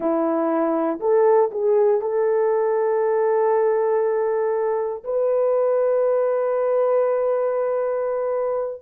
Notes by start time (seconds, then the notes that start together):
0.00 E4
1.00 A4
1.51 G#4
2.01 A4
5.04 B4